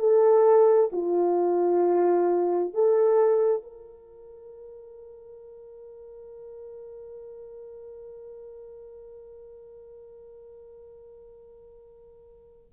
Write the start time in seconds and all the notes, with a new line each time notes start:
0.00 A4
0.93 F4
2.74 A4
3.63 A#4